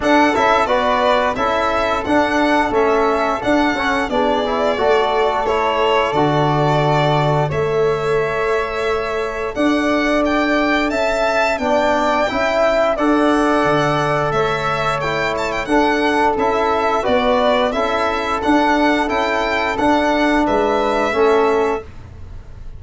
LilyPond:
<<
  \new Staff \with { instrumentName = "violin" } { \time 4/4 \tempo 4 = 88 fis''8 e''8 d''4 e''4 fis''4 | e''4 fis''4 d''2 | cis''4 d''2 e''4~ | e''2 fis''4 g''4 |
a''4 g''2 fis''4~ | fis''4 e''4 g''8 a''16 g''16 fis''4 | e''4 d''4 e''4 fis''4 | g''4 fis''4 e''2 | }
  \new Staff \with { instrumentName = "flute" } { \time 4/4 a'4 b'4 a'2~ | a'2 gis'4 a'4~ | a'2. cis''4~ | cis''2 d''2 |
e''4 d''4 e''4 d''4~ | d''4 cis''2 a'4~ | a'4 b'4 a'2~ | a'2 b'4 a'4 | }
  \new Staff \with { instrumentName = "trombone" } { \time 4/4 d'8 e'8 fis'4 e'4 d'4 | cis'4 d'8 cis'8 d'8 e'8 fis'4 | e'4 fis'2 a'4~ | a'1~ |
a'4 d'4 e'4 a'4~ | a'2 e'4 d'4 | e'4 fis'4 e'4 d'4 | e'4 d'2 cis'4 | }
  \new Staff \with { instrumentName = "tuba" } { \time 4/4 d'8 cis'8 b4 cis'4 d'4 | a4 d'8 cis'8 b4 a4~ | a4 d2 a4~ | a2 d'2 |
cis'4 b4 cis'4 d'4 | d4 a2 d'4 | cis'4 b4 cis'4 d'4 | cis'4 d'4 gis4 a4 | }
>>